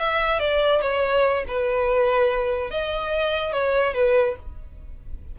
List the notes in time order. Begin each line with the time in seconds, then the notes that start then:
0.00 E5
0.40 D5
0.82 C#5
1.48 B4
2.71 D#5
3.53 C#5
3.94 B4